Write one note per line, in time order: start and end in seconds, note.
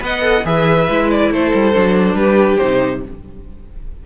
0.00 0.44 B3
0.00 0.21 B4
0.00 0.46 D#5
0.00 0.46 F#5
0.21 0.43 A4
0.44 0.88 E3
0.44 0.88 G#4
0.44 1.32 B4
0.44 1.10 E5
0.89 1.31 G#3
0.89 1.74 E4
1.11 1.33 D5
1.31 1.53 A3
1.31 2.17 A4
1.31 2.16 C5
1.54 1.76 G3
1.74 2.15 F#3
1.74 2.60 D4
2.15 2.58 G3
2.15 3.03 G4
2.15 2.57 B4
2.57 3.06 C3
2.57 3.04 D#4
2.57 3.01 C5